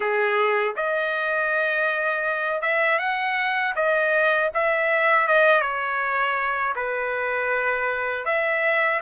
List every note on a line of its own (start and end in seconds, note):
0.00 0.75 G#4
0.75 2.61 D#5
2.61 2.98 E5
2.98 3.73 F#5
3.75 4.50 D#5
4.54 5.27 E5
5.27 5.61 D#5
5.61 6.73 C#5
6.75 8.25 B4
8.25 9.00 E5